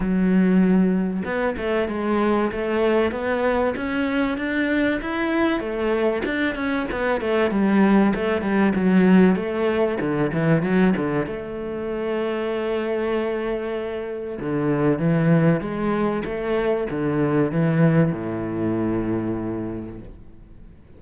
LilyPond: \new Staff \with { instrumentName = "cello" } { \time 4/4 \tempo 4 = 96 fis2 b8 a8 gis4 | a4 b4 cis'4 d'4 | e'4 a4 d'8 cis'8 b8 a8 | g4 a8 g8 fis4 a4 |
d8 e8 fis8 d8 a2~ | a2. d4 | e4 gis4 a4 d4 | e4 a,2. | }